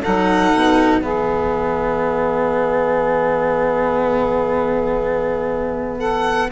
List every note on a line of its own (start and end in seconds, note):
0.00 1.02 D#4
0.00 1.00 A4
0.00 1.03 F#5
0.07 0.54 F#3
0.54 1.03 B2
1.01 6.52 E3
1.01 6.52 B3
1.01 5.98 G#4
1.01 6.00 E5
5.98 6.48 A4
5.98 6.50 F#5